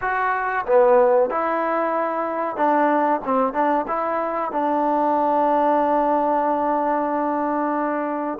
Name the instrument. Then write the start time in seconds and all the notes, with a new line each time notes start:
trombone
0.01 F#4
0.66 B3
1.30 E4
2.56 D4
3.24 C4
3.53 D4
3.87 E4
4.51 D4